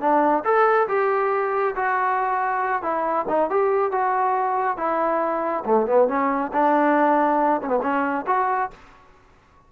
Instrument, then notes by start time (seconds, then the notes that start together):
trombone
0.00 D4
0.44 A4
0.88 G4
1.75 F#4
2.82 E4
3.28 D#4
3.50 G4
3.92 F#4
4.77 E4
5.65 A3
5.86 B3
6.08 C#4
6.53 D4
7.62 C#4
7.68 B3
7.82 C#4
8.27 F#4